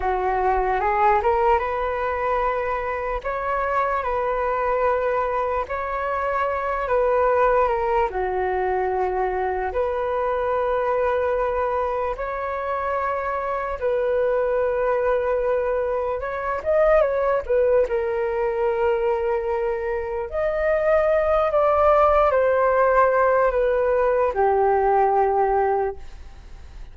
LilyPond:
\new Staff \with { instrumentName = "flute" } { \time 4/4 \tempo 4 = 74 fis'4 gis'8 ais'8 b'2 | cis''4 b'2 cis''4~ | cis''8 b'4 ais'8 fis'2 | b'2. cis''4~ |
cis''4 b'2. | cis''8 dis''8 cis''8 b'8 ais'2~ | ais'4 dis''4. d''4 c''8~ | c''4 b'4 g'2 | }